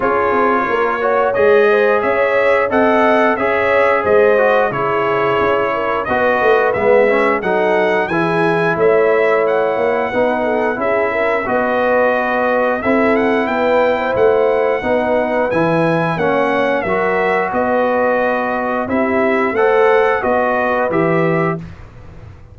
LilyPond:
<<
  \new Staff \with { instrumentName = "trumpet" } { \time 4/4 \tempo 4 = 89 cis''2 dis''4 e''4 | fis''4 e''4 dis''4 cis''4~ | cis''4 dis''4 e''4 fis''4 | gis''4 e''4 fis''2 |
e''4 dis''2 e''8 fis''8 | g''4 fis''2 gis''4 | fis''4 e''4 dis''2 | e''4 fis''4 dis''4 e''4 | }
  \new Staff \with { instrumentName = "horn" } { \time 4/4 gis'4 ais'8 cis''4 c''8 cis''4 | dis''4 cis''4 c''4 gis'4~ | gis'8 ais'8 b'2 a'4 | gis'4 cis''2 b'8 a'8 |
gis'8 ais'8 b'2 a'4 | b'8. c''4~ c''16 b'2 | cis''4 ais'4 b'2 | g'4 c''4 b'2 | }
  \new Staff \with { instrumentName = "trombone" } { \time 4/4 f'4. fis'8 gis'2 | a'4 gis'4. fis'8 e'4~ | e'4 fis'4 b8 cis'8 dis'4 | e'2. dis'4 |
e'4 fis'2 e'4~ | e'2 dis'4 e'4 | cis'4 fis'2. | e'4 a'4 fis'4 g'4 | }
  \new Staff \with { instrumentName = "tuba" } { \time 4/4 cis'8 c'8 ais4 gis4 cis'4 | c'4 cis'4 gis4 cis4 | cis'4 b8 a8 gis4 fis4 | e4 a4. ais8 b4 |
cis'4 b2 c'4 | b4 a4 b4 e4 | ais4 fis4 b2 | c'4 a4 b4 e4 | }
>>